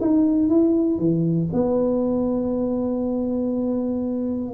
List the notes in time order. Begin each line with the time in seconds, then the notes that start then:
0.00 D#4
0.49 E4
0.98 E3
1.53 B3